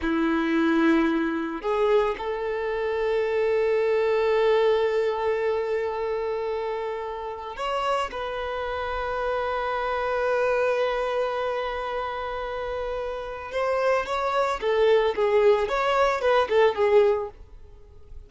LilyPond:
\new Staff \with { instrumentName = "violin" } { \time 4/4 \tempo 4 = 111 e'2. gis'4 | a'1~ | a'1~ | a'2 cis''4 b'4~ |
b'1~ | b'1~ | b'4 c''4 cis''4 a'4 | gis'4 cis''4 b'8 a'8 gis'4 | }